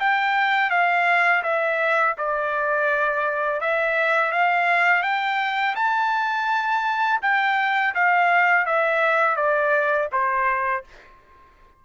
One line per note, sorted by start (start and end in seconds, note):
0.00 0.71 G5
0.71 1.43 F5
1.43 2.16 E5
2.18 3.61 D5
3.61 4.32 E5
4.32 5.03 F5
5.03 5.75 G5
5.76 7.20 A5
7.22 7.95 G5
7.95 8.66 F5
8.66 9.36 E5
9.36 10.09 D5
10.12 10.85 C5